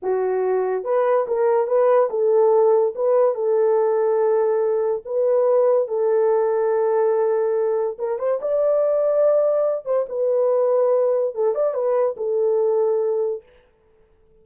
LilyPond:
\new Staff \with { instrumentName = "horn" } { \time 4/4 \tempo 4 = 143 fis'2 b'4 ais'4 | b'4 a'2 b'4 | a'1 | b'2 a'2~ |
a'2. ais'8 c''8 | d''2.~ d''8 c''8 | b'2. a'8 d''8 | b'4 a'2. | }